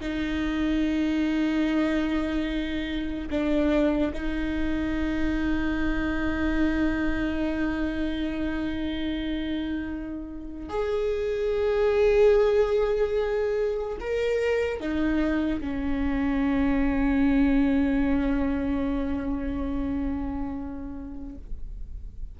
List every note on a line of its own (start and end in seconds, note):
0.00 3.29 D#4
3.30 4.12 D4
4.13 10.69 D#4
10.69 13.98 G#4
14.00 14.80 A#4
14.80 15.60 D#4
15.60 21.35 C#4